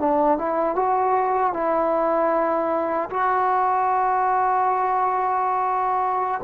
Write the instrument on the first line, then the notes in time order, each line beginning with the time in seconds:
trombone
0.00 D4
0.39 E4
0.76 F#4
1.54 E4
3.10 F#4